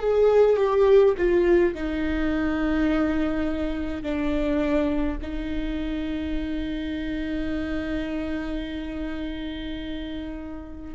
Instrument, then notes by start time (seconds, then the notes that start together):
viola
0.00 G#4
0.57 G4
1.18 F4
1.75 D#4
4.03 D4
5.22 D#4